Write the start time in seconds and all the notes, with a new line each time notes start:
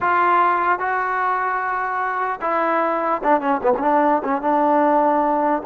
0.01 F4
0.79 F#4
2.41 E4
3.23 D4
3.40 C#4
3.62 B3
3.77 C#4 D4
4.24 C#4
4.41 D4